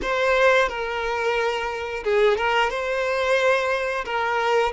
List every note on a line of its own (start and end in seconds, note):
0.02 0.68 C5
0.68 2.03 A#4
2.04 2.37 G#4
2.37 2.70 A#4
2.70 4.04 C5
4.04 4.72 A#4